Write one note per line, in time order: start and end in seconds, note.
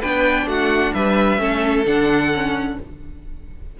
0.00 0.46 B3
0.00 1.38 D4
0.00 0.46 B4
0.00 0.48 G5
0.46 0.92 A3
0.46 0.94 F#4
0.46 0.93 F#5
0.93 1.38 G3
0.93 1.40 B4
0.93 1.85 E5
1.38 1.84 A3
1.38 1.84 C#4
1.38 2.78 A4
1.85 2.77 D3
1.85 2.32 D4
1.85 2.78 F#5
2.34 2.79 C#4